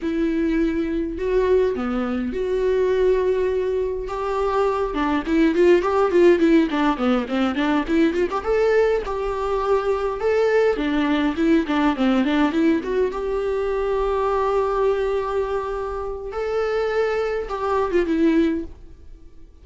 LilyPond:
\new Staff \with { instrumentName = "viola" } { \time 4/4 \tempo 4 = 103 e'2 fis'4 b4 | fis'2. g'4~ | g'8 d'8 e'8 f'8 g'8 f'8 e'8 d'8 | b8 c'8 d'8 e'8 f'16 g'16 a'4 g'8~ |
g'4. a'4 d'4 e'8 | d'8 c'8 d'8 e'8 fis'8 g'4.~ | g'1 | a'2 g'8. f'16 e'4 | }